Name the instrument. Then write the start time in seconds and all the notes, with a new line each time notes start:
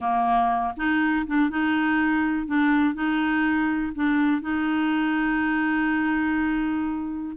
clarinet
0.00 A#3
0.76 D#4
1.26 D4
1.50 D#4
2.46 D4
2.94 D#4
3.95 D4
4.42 D#4